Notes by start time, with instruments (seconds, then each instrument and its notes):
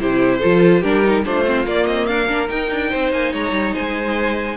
0.00 cello C3, viola E4, violin G4 C5
0.39 cello F3, viola F4, violin A4
0.81 cello G3, viola D4, violin G4 A#4
1.04 viola D#4
1.25 cello A3, viola D4, violin F4 C5
1.46 viola C4
1.66 cello A#3, viola A#3, violin D5
1.87 cello C4, violin D#5
2.07 cello D4, violin A#4 F5
2.28 cello A#3, viola D4
2.48 viola D#4, cello D#4, violin G5
2.71 cello D4
2.91 cello C4, violin C5
3.12 cello A#3, violin G#5
3.32 cello G#3, violin C#5 A#5
3.52 cello G3
3.74 cello G#3, violin C5 G#5